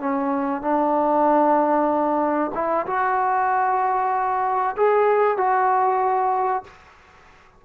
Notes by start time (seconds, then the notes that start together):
0.00 C#4
0.62 D4
2.55 E4
2.87 F#4
4.77 G#4
5.37 F#4